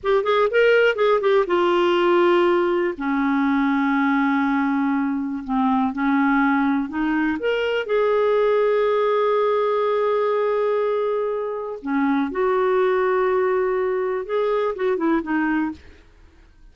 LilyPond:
\new Staff \with { instrumentName = "clarinet" } { \time 4/4 \tempo 4 = 122 g'8 gis'8 ais'4 gis'8 g'8 f'4~ | f'2 cis'2~ | cis'2. c'4 | cis'2 dis'4 ais'4 |
gis'1~ | gis'1 | cis'4 fis'2.~ | fis'4 gis'4 fis'8 e'8 dis'4 | }